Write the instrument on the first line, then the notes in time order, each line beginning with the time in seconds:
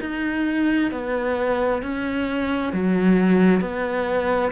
cello
0.00 D#4
0.91 B3
1.82 C#4
2.72 F#3
3.60 B3